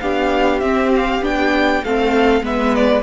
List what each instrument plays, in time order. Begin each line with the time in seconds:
0.00 cello B3, viola D4, violin G4 F5
0.60 cello C4, viola C4, violin E5
0.96 violin F5
1.21 cello B3, viola D4, violin G5
1.84 cello A3, viola C4, violin A4 F5
2.41 cello G#3, viola B3, violin B4 E5
2.75 violin D5